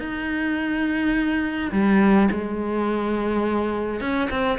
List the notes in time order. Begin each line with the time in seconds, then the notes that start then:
0.00 D#4
1.72 G3
2.31 G#3
4.01 C#4
4.31 C4